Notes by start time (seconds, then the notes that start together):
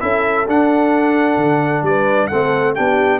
0.00 C#4 E4 A4 E5
0.48 D4 F#5
1.37 D3
1.82 G3 B4 D5
2.27 C4 A4 F#5
2.33 A3
2.75 B3 D4 G4 G5